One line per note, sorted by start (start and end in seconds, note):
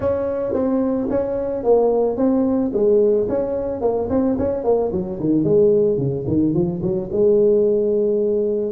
0.00 0.53 C#4
0.53 1.08 C4
1.09 1.63 C#4
1.63 2.16 A#3
2.16 2.71 C4
2.73 3.27 G#3
3.29 3.81 C#4
3.81 4.08 A#3
4.09 4.36 C4
4.38 4.64 C#4
4.64 4.91 A#3
4.92 5.19 F#3
5.19 5.44 D#3
5.44 5.97 G#3
5.97 6.25 C#3
6.27 6.54 D#3
6.54 6.81 F3
6.82 7.09 F#3
7.12 8.71 G#3